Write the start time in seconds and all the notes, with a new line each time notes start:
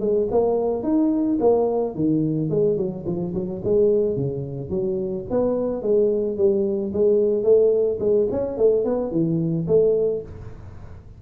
0.00 G#3
0.31 A#3
0.83 D#4
1.40 A#3
1.95 D#3
2.50 G#3
2.77 F#3
3.06 F3
3.34 F#3
3.64 G#3
4.16 C#3
4.70 F#3
5.30 B3
5.82 G#3
6.38 G3
6.93 G#3
7.44 A3
8.00 G#3
8.31 C#4
8.57 A3
8.84 B3
9.12 E3
9.67 A3